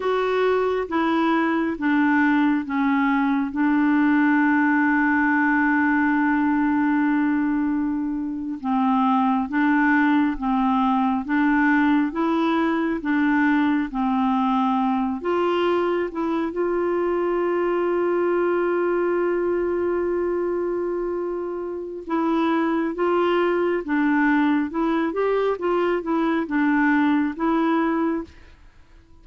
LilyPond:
\new Staff \with { instrumentName = "clarinet" } { \time 4/4 \tempo 4 = 68 fis'4 e'4 d'4 cis'4 | d'1~ | d'4.~ d'16 c'4 d'4 c'16~ | c'8. d'4 e'4 d'4 c'16~ |
c'4~ c'16 f'4 e'8 f'4~ f'16~ | f'1~ | f'4 e'4 f'4 d'4 | e'8 g'8 f'8 e'8 d'4 e'4 | }